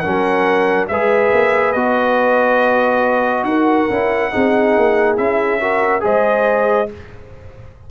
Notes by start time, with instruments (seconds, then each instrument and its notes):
0.00 trombone C#4, horn A#4, trumpet F#5
0.06 tuba F#3
0.89 tuba G#3, trombone G#4, horn B4, trumpet E5
1.33 tuba A#3
1.73 tuba B3, trombone F#4, trumpet D#5
3.44 tuba D#4, horn A#4, trumpet F#5
3.90 tuba C#4, trombone E4
4.32 tuba C4, trombone D#4, horn G#4
4.77 tuba A#3
5.17 tuba C#4, trombone E4, trumpet E5
5.61 trombone F#4, horn A#4
6.01 tuba G#3, trombone G#4, horn C5, trumpet D#5